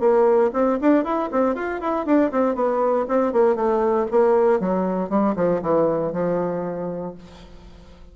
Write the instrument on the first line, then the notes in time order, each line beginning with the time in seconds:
bassoon
0.00 A#3
0.53 C4
0.81 D4
1.04 E4
1.32 C4
1.55 F4
1.81 E4
2.06 D4
2.32 C4
2.55 B3
3.08 C4
3.33 A#3
3.56 A3
4.11 A#3
4.60 F#3
5.10 G3
5.36 F3
5.62 E3
6.13 F3